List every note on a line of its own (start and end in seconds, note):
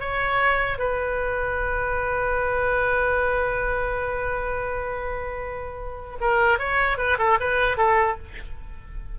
0.00 0.78 C#5
0.78 6.18 B4
6.20 6.59 A#4
6.59 6.97 C#5
6.97 7.17 B4
7.18 7.38 A4
7.40 7.77 B4
7.77 8.17 A4